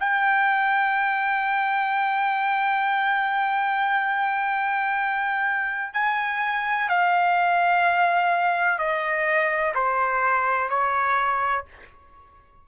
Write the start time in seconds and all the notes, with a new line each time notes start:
0.00 G5
5.94 G#5
6.89 F5
8.79 D#5
9.75 C5
10.70 C#5